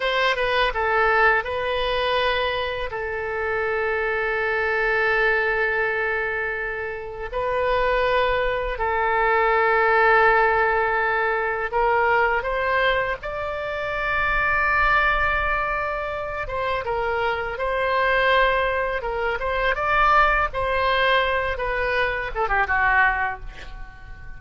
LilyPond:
\new Staff \with { instrumentName = "oboe" } { \time 4/4 \tempo 4 = 82 c''8 b'8 a'4 b'2 | a'1~ | a'2 b'2 | a'1 |
ais'4 c''4 d''2~ | d''2~ d''8 c''8 ais'4 | c''2 ais'8 c''8 d''4 | c''4. b'4 a'16 g'16 fis'4 | }